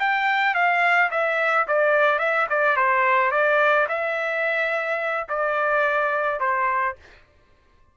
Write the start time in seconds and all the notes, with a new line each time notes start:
0.00 G5
0.55 F5
1.11 E5
1.68 D5
2.19 E5
2.50 D5
2.77 C5
3.32 D5
3.89 E5
5.29 D5
6.40 C5